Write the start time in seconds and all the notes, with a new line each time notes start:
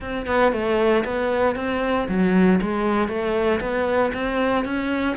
0.00 C4
0.26 B3
0.52 A3
1.04 B3
1.55 C4
2.08 F#3
2.61 G#3
3.08 A3
3.60 B3
4.13 C4
4.64 C#4